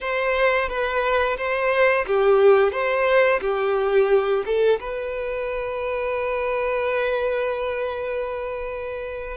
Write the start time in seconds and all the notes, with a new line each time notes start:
0.00 C5
0.68 B4
1.37 C5
2.06 G4
2.71 C5
3.41 G4
4.45 A4
4.80 B4